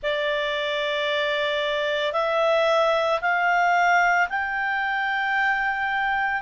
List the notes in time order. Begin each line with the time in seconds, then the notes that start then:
0.02 D5
2.12 E5
3.21 F5
4.29 G5